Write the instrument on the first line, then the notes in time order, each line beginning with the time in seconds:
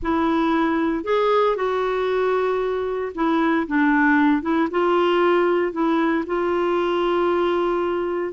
clarinet
0.02 E4
1.04 G#4
1.55 F#4
3.14 E4
3.67 D4
4.42 E4
4.71 F4
5.72 E4
6.26 F4